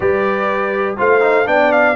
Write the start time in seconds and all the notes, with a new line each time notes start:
0.00 G3 G4 B4 D5
0.97 A3 F4 C5 F5
1.21 D#4
1.45 B3 D4 D5 G5
1.72 F5